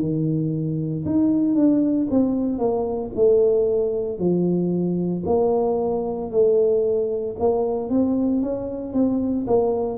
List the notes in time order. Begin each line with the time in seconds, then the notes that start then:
0.00 D#3
1.05 D#4
1.55 D4
2.11 C4
2.59 A#3
3.15 A3
4.19 F3
5.26 A#3
6.31 A3
7.39 A#3
7.90 C4
8.43 C#4
8.94 C4
9.47 A#3